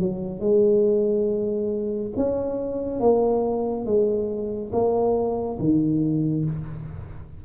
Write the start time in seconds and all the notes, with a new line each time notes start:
0.00 F#3
0.40 G#3
2.17 C#4
3.00 A#3
3.86 G#3
4.73 A#3
5.59 D#3